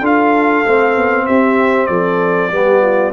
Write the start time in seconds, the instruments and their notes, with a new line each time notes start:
0.00 tuba D4, trombone F4, horn A4, trumpet F5
0.66 tuba A3, trombone C4
0.96 tuba B3
1.26 tuba C4, horn G4, trumpet E5
1.87 tuba F3, horn A4, trumpet D5
2.52 tuba G3, trombone B3, horn G4
2.82 horn F4